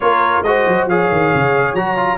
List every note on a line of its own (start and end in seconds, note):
0.00 0.42 A#3
0.00 0.44 F4
0.00 0.46 A#4
0.00 0.43 C#5
0.42 0.64 G#3
0.42 0.90 F#4
0.42 0.89 C5
0.42 0.87 D#5
0.66 0.86 F#3
0.86 1.08 F3
0.86 1.77 G#4
0.86 2.18 C#5
0.86 1.75 F5
1.11 1.33 D#3
1.34 1.73 C#3
1.73 2.17 F#3
1.73 1.97 F#4
1.73 2.18 A#5
1.97 2.18 F4